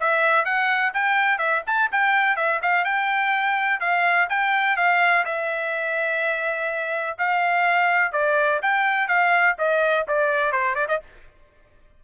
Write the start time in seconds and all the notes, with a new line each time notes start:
0.00 E5
0.45 F#5
0.94 G5
1.38 E5
1.66 A5
1.92 G5
2.36 E5
2.62 F5
2.84 G5
3.80 F5
4.29 G5
4.77 F5
5.25 E5
7.18 F5
8.12 D5
8.62 G5
9.08 F5
9.58 D#5
10.08 D5
10.52 C5
10.75 D5
10.88 D#5